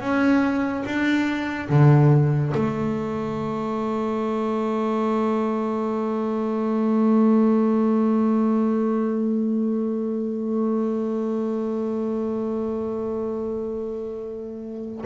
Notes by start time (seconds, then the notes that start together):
0.00 C#4
0.85 D4
1.69 D3
2.54 A3